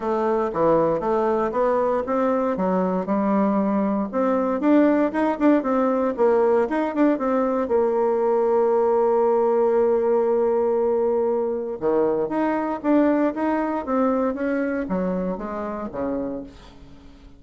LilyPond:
\new Staff \with { instrumentName = "bassoon" } { \time 4/4 \tempo 4 = 117 a4 e4 a4 b4 | c'4 fis4 g2 | c'4 d'4 dis'8 d'8 c'4 | ais4 dis'8 d'8 c'4 ais4~ |
ais1~ | ais2. dis4 | dis'4 d'4 dis'4 c'4 | cis'4 fis4 gis4 cis4 | }